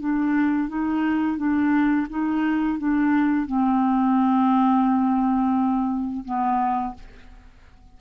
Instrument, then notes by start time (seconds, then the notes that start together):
clarinet
0.00 D4
0.68 D#4
1.37 D4
2.09 D#4
2.78 D4
3.46 C4
6.24 B3